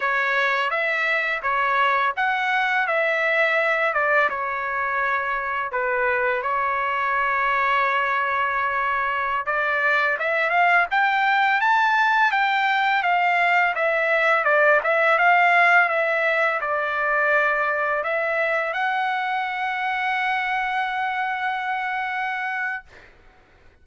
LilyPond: \new Staff \with { instrumentName = "trumpet" } { \time 4/4 \tempo 4 = 84 cis''4 e''4 cis''4 fis''4 | e''4. d''8 cis''2 | b'4 cis''2.~ | cis''4~ cis''16 d''4 e''8 f''8 g''8.~ |
g''16 a''4 g''4 f''4 e''8.~ | e''16 d''8 e''8 f''4 e''4 d''8.~ | d''4~ d''16 e''4 fis''4.~ fis''16~ | fis''1 | }